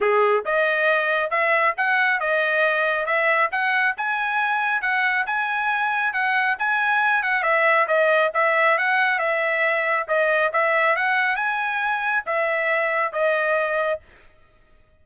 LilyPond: \new Staff \with { instrumentName = "trumpet" } { \time 4/4 \tempo 4 = 137 gis'4 dis''2 e''4 | fis''4 dis''2 e''4 | fis''4 gis''2 fis''4 | gis''2 fis''4 gis''4~ |
gis''8 fis''8 e''4 dis''4 e''4 | fis''4 e''2 dis''4 | e''4 fis''4 gis''2 | e''2 dis''2 | }